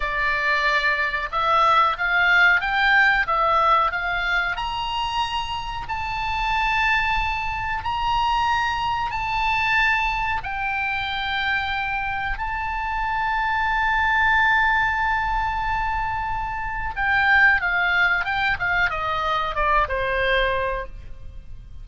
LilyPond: \new Staff \with { instrumentName = "oboe" } { \time 4/4 \tempo 4 = 92 d''2 e''4 f''4 | g''4 e''4 f''4 ais''4~ | ais''4 a''2. | ais''2 a''2 |
g''2. a''4~ | a''1~ | a''2 g''4 f''4 | g''8 f''8 dis''4 d''8 c''4. | }